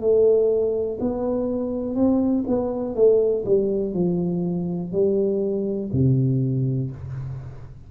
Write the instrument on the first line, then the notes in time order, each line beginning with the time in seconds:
tuba
0.00 A3
1.00 B3
1.94 C4
2.47 B3
2.95 A3
3.45 G3
3.93 F3
4.92 G3
5.92 C3